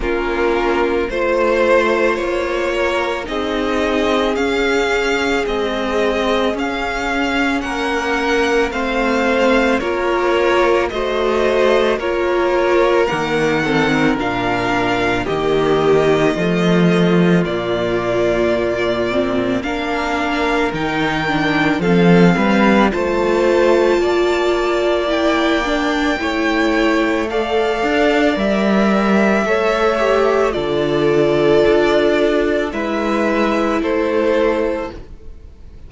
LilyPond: <<
  \new Staff \with { instrumentName = "violin" } { \time 4/4 \tempo 4 = 55 ais'4 c''4 cis''4 dis''4 | f''4 dis''4 f''4 fis''4 | f''4 cis''4 dis''4 cis''4 | fis''4 f''4 dis''2 |
d''2 f''4 g''4 | f''4 a''2 g''4~ | g''4 f''4 e''2 | d''2 e''4 c''4 | }
  \new Staff \with { instrumentName = "violin" } { \time 4/4 f'4 c''4. ais'8 gis'4~ | gis'2. ais'4 | c''4 ais'4 c''4 ais'4~ | ais'8 a'16 ais'4~ ais'16 g'4 f'4~ |
f'2 ais'2 | a'8 b'8 c''4 d''2 | cis''4 d''2 cis''4 | a'2 b'4 a'4 | }
  \new Staff \with { instrumentName = "viola" } { \time 4/4 cis'4 f'2 dis'4 | cis'4 gis4 cis'2 | c'4 f'4 fis'4 f'4 | ais8 c'8 d'4 ais4 a4 |
ais4. c'8 d'4 dis'8 d'8 | c'4 f'2 e'8 d'8 | e'4 a'4 ais'4 a'8 g'8 | f'2 e'2 | }
  \new Staff \with { instrumentName = "cello" } { \time 4/4 ais4 a4 ais4 c'4 | cis'4 c'4 cis'4 ais4 | a4 ais4 a4 ais4 | dis4 ais,4 dis4 f4 |
ais,2 ais4 dis4 | f8 g8 a4 ais2 | a4. d'8 g4 a4 | d4 d'4 gis4 a4 | }
>>